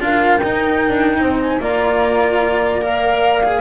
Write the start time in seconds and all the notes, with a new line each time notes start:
0.00 D4 F4 A#4 F5
0.38 D#4 G5
0.89 D4
1.19 C4 C5
1.42 G#5
1.59 A#3 F4 D5 A#5
2.81 A#4 F5
3.43 G#4